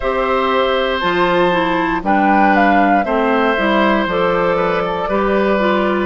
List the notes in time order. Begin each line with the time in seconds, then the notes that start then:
0.00 C4 G4 C5 E5
0.99 F3 F4 A5
1.51 E4
2.03 G3 D4 B4 G5
2.55 F5
3.03 A3 C4 C5 E5
3.57 G3 E4
4.06 F3 A4 D5
4.56 B4
4.84 A4
5.08 G3 G4 B4
5.59 F4